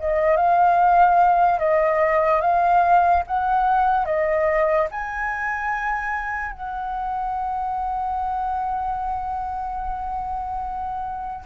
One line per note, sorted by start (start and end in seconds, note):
0.00 0.37 D#5
0.37 1.60 F5
1.60 2.41 D#5
2.41 3.23 F5
3.27 4.06 F#5
4.06 4.88 D#5
4.91 6.52 G#5
6.52 11.45 F#5